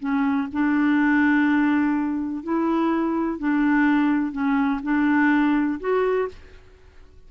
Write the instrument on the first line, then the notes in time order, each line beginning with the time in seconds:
clarinet
0.00 C#4
0.53 D4
2.43 E4
3.39 D4
4.32 C#4
4.83 D4
5.80 F#4